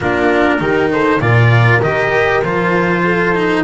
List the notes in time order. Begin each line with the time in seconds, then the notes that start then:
0.00 A#3 D4 F4 A#4
0.59 D#3 D#4 G4
0.92 A4 C5
1.20 A#2 F4 A#4 D5
1.82 D#3 G4 D#5
2.43 F3 F4 C5
3.04 A4
3.35 D#4